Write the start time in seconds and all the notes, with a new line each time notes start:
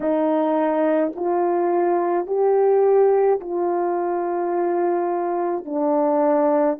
0.00 D#4
1.15 F4
2.26 G4
3.40 F4
5.65 D4